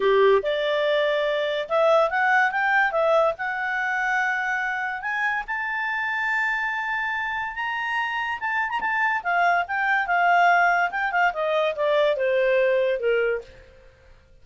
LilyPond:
\new Staff \with { instrumentName = "clarinet" } { \time 4/4 \tempo 4 = 143 g'4 d''2. | e''4 fis''4 g''4 e''4 | fis''1 | gis''4 a''2.~ |
a''2 ais''2 | a''8. ais''16 a''4 f''4 g''4 | f''2 g''8 f''8 dis''4 | d''4 c''2 ais'4 | }